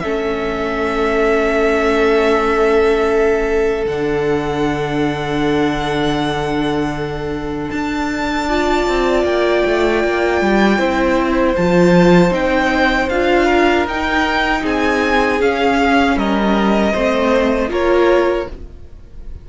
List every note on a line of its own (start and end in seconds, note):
0.00 3.86 A3
0.00 3.88 C#4
0.00 8.49 A4
0.00 3.85 E5
3.86 7.70 D3
3.86 8.49 D4
3.86 7.71 F#5
7.71 8.88 D4
7.71 9.25 A5
8.49 10.80 F4
8.49 10.79 D5
8.88 9.24 C4
9.24 9.63 A#3
9.24 11.56 G5
9.67 10.05 A3
10.05 10.42 A#3
10.42 10.79 G3
10.79 11.56 C4
10.79 11.57 E4
10.79 13.46 C5
11.56 12.31 F3
11.56 12.31 F4
11.56 12.33 A5
12.31 13.08 C4
12.31 13.08 D#4
12.31 13.10 G5
13.10 13.87 D4
13.10 13.88 F4
13.10 13.87 F5
13.46 14.61 A#4
13.87 14.64 D#4
13.87 15.41 D#4
13.87 14.66 G5
14.62 15.41 C4
14.62 16.16 G#4
14.62 15.42 G#5
15.41 16.16 C#4
15.41 16.95 C#4
15.41 16.18 F5
16.16 16.93 G3
16.16 16.93 A#4
16.16 17.72 D#5
16.93 17.70 A3
16.93 17.69 C4
16.93 17.70 C5
17.69 18.47 A#3
17.69 18.46 F4
17.69 18.48 A#4
17.69 18.50 C#5